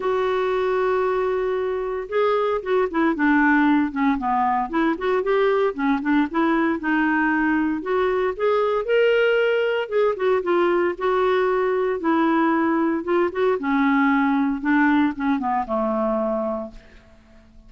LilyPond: \new Staff \with { instrumentName = "clarinet" } { \time 4/4 \tempo 4 = 115 fis'1 | gis'4 fis'8 e'8 d'4. cis'8 | b4 e'8 fis'8 g'4 cis'8 d'8 | e'4 dis'2 fis'4 |
gis'4 ais'2 gis'8 fis'8 | f'4 fis'2 e'4~ | e'4 f'8 fis'8 cis'2 | d'4 cis'8 b8 a2 | }